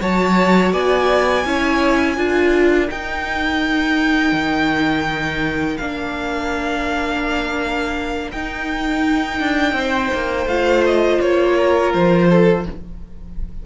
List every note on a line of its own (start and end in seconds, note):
0.00 0.73 F#3
0.00 1.45 F#4
0.00 0.73 C#5
0.00 0.73 A5
0.73 1.45 B3
0.73 1.45 D5
0.73 2.90 G#5
1.45 2.17 C#4
1.45 2.17 E4
1.45 2.16 C#5
2.16 2.90 D4
2.16 2.89 F4
2.16 9.75 A#4
2.89 5.78 D#4
2.89 4.32 D#4
2.89 5.78 G5
4.32 5.77 D#3
5.78 8.33 A#3
5.78 8.34 D4
5.78 8.31 F5
8.32 9.40 D#4
8.32 10.49 D#4
8.32 10.48 G5
9.40 9.73 D4
9.73 10.09 C4
9.73 11.56 C5
10.14 10.46 A#3
10.46 11.18 A3
10.46 12.66 F4
10.46 10.84 F5
10.86 11.21 D#5
11.21 11.94 A#3
11.21 11.93 C#5
11.56 12.28 A#4
11.94 12.66 F3
11.94 12.66 C5
12.30 12.66 A4